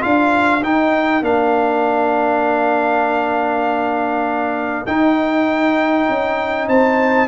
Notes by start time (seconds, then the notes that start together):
0.00 D4 F4 A#4 F5
0.62 D#4 G5
1.21 A#3 D4 F5
4.86 D#4 G5
6.09 C#4
6.68 C4 C5 A5